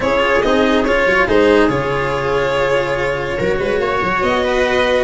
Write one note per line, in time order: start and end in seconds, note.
0.00 0.40 C#4
0.00 0.42 F4
0.00 1.06 G#4
0.00 0.42 C#5
0.42 0.85 C4
0.42 0.86 D#4
0.42 0.83 D#5
0.83 1.05 C#4
0.83 1.28 F4
0.83 1.26 C#5
1.05 1.26 F#3
1.05 1.25 C#5
1.25 1.68 G#3
1.25 1.69 D#4
1.25 3.36 G#4
1.25 1.69 C5
1.68 3.37 C#3
1.68 3.38 F4
1.68 4.21 C#5
3.36 3.59 F#3
3.36 5.04 F#4
3.36 3.57 A#4
3.59 3.79 G#3
3.59 3.80 B4
3.79 4.01 A#3
3.79 4.43 C#5
4.02 4.22 F#3
4.21 5.04 B3
4.21 5.04 D#5
4.43 5.04 B4